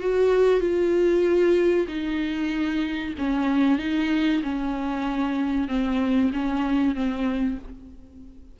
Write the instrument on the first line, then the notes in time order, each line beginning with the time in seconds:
viola
0.00 F#4
0.60 F4
1.88 D#4
3.18 C#4
3.79 D#4
4.43 C#4
5.68 C4
6.33 C#4
6.95 C4